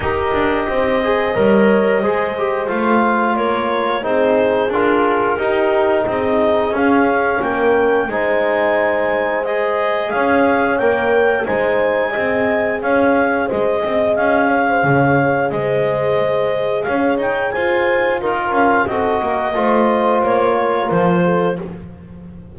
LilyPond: <<
  \new Staff \with { instrumentName = "clarinet" } { \time 4/4 \tempo 4 = 89 dis''1 | f''4 cis''4 c''4 ais'4~ | ais'4 dis''4 f''4 g''4 | gis''2 dis''4 f''4 |
g''4 gis''2 f''4 | dis''4 f''2 dis''4~ | dis''4 f''8 g''8 gis''4 ais'8 f''8 | dis''2 cis''4 c''4 | }
  \new Staff \with { instrumentName = "horn" } { \time 4/4 ais'4 c''4 cis''4 c''4~ | c''4 ais'4 gis'2 | g'4 gis'2 ais'4 | c''2. cis''4~ |
cis''4 c''4 dis''4 cis''4 | c''8 dis''4 cis''16 c''16 cis''4 c''4~ | c''4 cis''4 c''4 ais'4 | a'8 ais'8 c''4. ais'4 a'8 | }
  \new Staff \with { instrumentName = "trombone" } { \time 4/4 g'4. gis'8 ais'4 gis'8 g'8 | f'2 dis'4 f'4 | dis'2 cis'2 | dis'2 gis'2 |
ais'4 dis'4 gis'2~ | gis'1~ | gis'2. f'4 | fis'4 f'2. | }
  \new Staff \with { instrumentName = "double bass" } { \time 4/4 dis'8 d'8 c'4 g4 gis4 | a4 ais4 c'4 d'4 | dis'4 c'4 cis'4 ais4 | gis2. cis'4 |
ais4 gis4 c'4 cis'4 | gis8 c'8 cis'4 cis4 gis4~ | gis4 cis'8 dis'8 f'4 dis'8 cis'8 | c'8 ais8 a4 ais4 f4 | }
>>